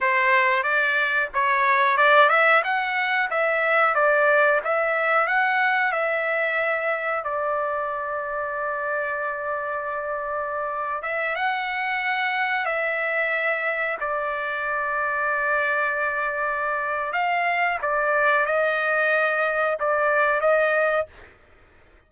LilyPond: \new Staff \with { instrumentName = "trumpet" } { \time 4/4 \tempo 4 = 91 c''4 d''4 cis''4 d''8 e''8 | fis''4 e''4 d''4 e''4 | fis''4 e''2 d''4~ | d''1~ |
d''8. e''8 fis''2 e''8.~ | e''4~ e''16 d''2~ d''8.~ | d''2 f''4 d''4 | dis''2 d''4 dis''4 | }